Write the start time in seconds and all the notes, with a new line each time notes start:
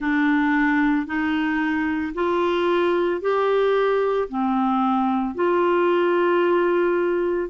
0.00 D4
1.06 D#4
2.14 F4
3.21 G4
4.29 C4
5.34 F4